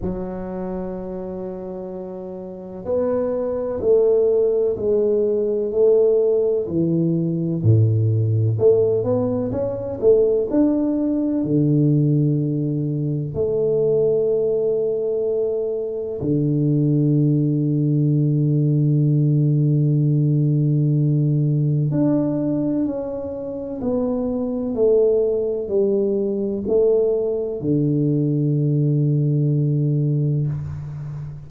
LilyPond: \new Staff \with { instrumentName = "tuba" } { \time 4/4 \tempo 4 = 63 fis2. b4 | a4 gis4 a4 e4 | a,4 a8 b8 cis'8 a8 d'4 | d2 a2~ |
a4 d2.~ | d2. d'4 | cis'4 b4 a4 g4 | a4 d2. | }